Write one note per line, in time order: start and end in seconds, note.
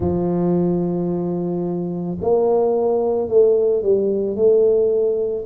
0.00 2.18 F3
2.21 3.28 A#3
3.28 3.82 A3
3.82 4.35 G3
4.35 5.44 A3